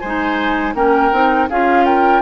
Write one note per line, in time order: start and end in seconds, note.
0.00 0.75 G#3
0.00 0.74 C5
0.00 0.73 G#5
0.07 0.75 D#4
0.75 1.11 A#3
0.75 1.12 C#4
0.75 1.49 A#4
0.75 1.49 G5
1.12 1.49 C4
1.12 1.49 D#4
1.50 2.22 C#4
1.50 2.22 F4
1.50 1.86 G#4
1.50 1.85 F5
1.85 2.22 A#4
1.85 2.22 G5